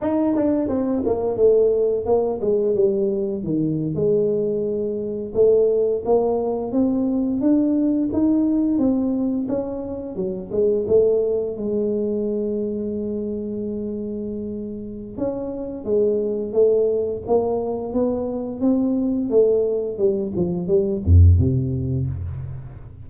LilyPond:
\new Staff \with { instrumentName = "tuba" } { \time 4/4 \tempo 4 = 87 dis'8 d'8 c'8 ais8 a4 ais8 gis8 | g4 dis8. gis2 a16~ | a8. ais4 c'4 d'4 dis'16~ | dis'8. c'4 cis'4 fis8 gis8 a16~ |
a8. gis2.~ gis16~ | gis2 cis'4 gis4 | a4 ais4 b4 c'4 | a4 g8 f8 g8 f,8 c4 | }